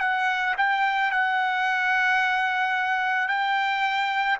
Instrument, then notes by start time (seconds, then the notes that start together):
trumpet
0.00 F#5
0.58 G5
1.11 F#5
3.28 G5